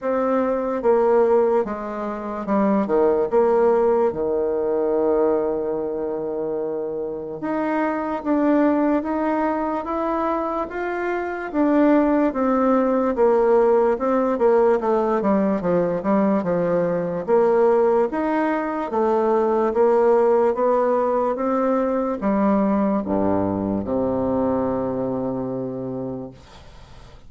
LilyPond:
\new Staff \with { instrumentName = "bassoon" } { \time 4/4 \tempo 4 = 73 c'4 ais4 gis4 g8 dis8 | ais4 dis2.~ | dis4 dis'4 d'4 dis'4 | e'4 f'4 d'4 c'4 |
ais4 c'8 ais8 a8 g8 f8 g8 | f4 ais4 dis'4 a4 | ais4 b4 c'4 g4 | g,4 c2. | }